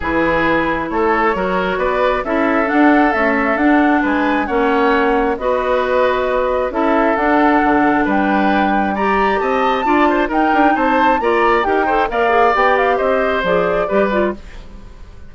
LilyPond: <<
  \new Staff \with { instrumentName = "flute" } { \time 4/4 \tempo 4 = 134 b'2 cis''2 | d''4 e''4 fis''4 e''4 | fis''4 gis''4 fis''2 | dis''2. e''4 |
fis''2 g''2 | ais''4 a''2 g''4 | a''4 ais''4 g''4 f''4 | g''8 f''8 dis''4 d''2 | }
  \new Staff \with { instrumentName = "oboe" } { \time 4/4 gis'2 a'4 ais'4 | b'4 a'2.~ | a'4 b'4 cis''2 | b'2. a'4~ |
a'2 b'2 | d''4 dis''4 d''8 c''8 ais'4 | c''4 d''4 ais'8 c''8 d''4~ | d''4 c''2 b'4 | }
  \new Staff \with { instrumentName = "clarinet" } { \time 4/4 e'2. fis'4~ | fis'4 e'4 d'4 a4 | d'2 cis'2 | fis'2. e'4 |
d'1 | g'2 f'4 dis'4~ | dis'4 f'4 g'8 a'8 ais'8 gis'8 | g'2 gis'4 g'8 f'8 | }
  \new Staff \with { instrumentName = "bassoon" } { \time 4/4 e2 a4 fis4 | b4 cis'4 d'4 cis'4 | d'4 gis4 ais2 | b2. cis'4 |
d'4 d4 g2~ | g4 c'4 d'4 dis'8 d'8 | c'4 ais4 dis'4 ais4 | b4 c'4 f4 g4 | }
>>